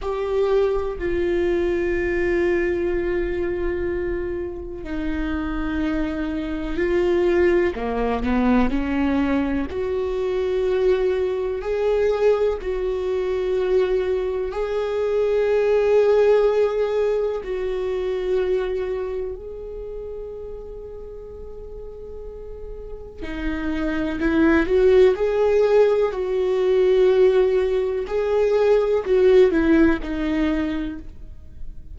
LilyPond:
\new Staff \with { instrumentName = "viola" } { \time 4/4 \tempo 4 = 62 g'4 f'2.~ | f'4 dis'2 f'4 | ais8 b8 cis'4 fis'2 | gis'4 fis'2 gis'4~ |
gis'2 fis'2 | gis'1 | dis'4 e'8 fis'8 gis'4 fis'4~ | fis'4 gis'4 fis'8 e'8 dis'4 | }